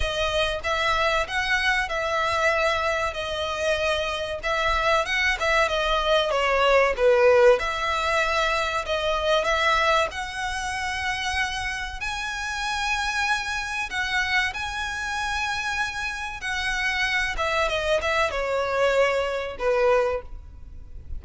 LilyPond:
\new Staff \with { instrumentName = "violin" } { \time 4/4 \tempo 4 = 95 dis''4 e''4 fis''4 e''4~ | e''4 dis''2 e''4 | fis''8 e''8 dis''4 cis''4 b'4 | e''2 dis''4 e''4 |
fis''2. gis''4~ | gis''2 fis''4 gis''4~ | gis''2 fis''4. e''8 | dis''8 e''8 cis''2 b'4 | }